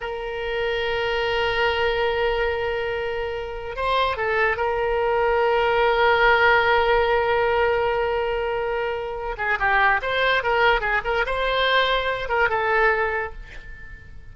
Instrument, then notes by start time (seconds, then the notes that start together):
oboe
0.01 A#4
3.76 C5
4.16 A4
4.56 A#4
9.37 G#4
9.59 G4
10.02 C5
10.43 A#4
10.80 G#4
11.04 A#4
11.26 C5
12.28 A#4
12.49 A4